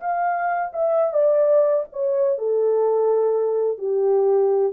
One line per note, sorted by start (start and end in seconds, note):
0.00 0.71 F5
0.73 1.13 E5
1.13 1.84 D5
1.92 2.38 C#5
2.38 3.78 A4
3.78 4.72 G4